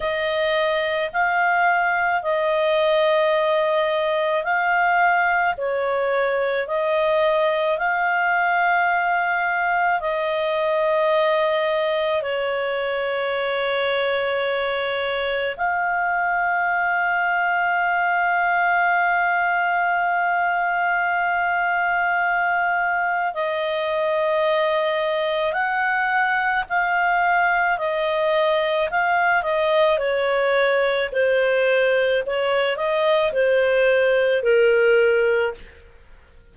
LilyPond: \new Staff \with { instrumentName = "clarinet" } { \time 4/4 \tempo 4 = 54 dis''4 f''4 dis''2 | f''4 cis''4 dis''4 f''4~ | f''4 dis''2 cis''4~ | cis''2 f''2~ |
f''1~ | f''4 dis''2 fis''4 | f''4 dis''4 f''8 dis''8 cis''4 | c''4 cis''8 dis''8 c''4 ais'4 | }